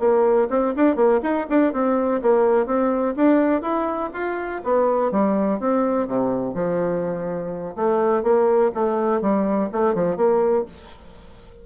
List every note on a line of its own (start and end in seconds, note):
0.00 0.48 A#3
0.50 0.74 C4
0.76 0.96 D4
0.96 1.20 A#3
1.23 1.47 D#4
1.50 1.73 D4
1.73 2.21 C4
2.22 2.66 A#3
2.66 3.15 C4
3.16 3.62 D4
3.62 4.10 E4
4.13 4.62 F4
4.64 5.12 B3
5.12 5.60 G3
5.60 6.07 C4
6.07 6.55 C3
6.55 7.76 F3
7.76 8.23 A3
8.23 8.72 A#3
8.74 9.21 A3
9.21 9.70 G3
9.72 9.95 A3
9.95 10.17 F3
10.17 10.65 A#3